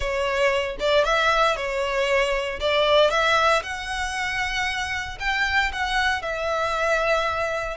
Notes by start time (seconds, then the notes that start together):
0.00 C#5
0.79 D5
1.04 E5
1.56 C#5
2.60 D5
3.10 E5
3.62 F#5
5.19 G5
5.72 F#5
6.22 E5